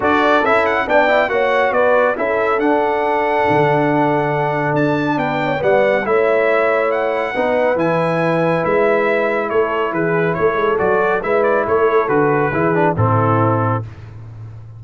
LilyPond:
<<
  \new Staff \with { instrumentName = "trumpet" } { \time 4/4 \tempo 4 = 139 d''4 e''8 fis''8 g''4 fis''4 | d''4 e''4 fis''2~ | fis''2. a''4 | g''4 fis''4 e''2 |
fis''2 gis''2 | e''2 cis''4 b'4 | cis''4 d''4 e''8 d''8 cis''4 | b'2 a'2 | }
  \new Staff \with { instrumentName = "horn" } { \time 4/4 a'2 d''4 cis''4 | b'4 a'2.~ | a'1 | b'8 cis''8 d''4 cis''2~ |
cis''4 b'2.~ | b'2 a'4 gis'4 | a'2 b'4 a'4~ | a'4 gis'4 e'2 | }
  \new Staff \with { instrumentName = "trombone" } { \time 4/4 fis'4 e'4 d'8 e'8 fis'4~ | fis'4 e'4 d'2~ | d'1~ | d'4 b4 e'2~ |
e'4 dis'4 e'2~ | e'1~ | e'4 fis'4 e'2 | fis'4 e'8 d'8 c'2 | }
  \new Staff \with { instrumentName = "tuba" } { \time 4/4 d'4 cis'4 b4 ais4 | b4 cis'4 d'2 | d2. d'4 | b4 g4 a2~ |
a4 b4 e2 | gis2 a4 e4 | a8 gis8 fis4 gis4 a4 | d4 e4 a,2 | }
>>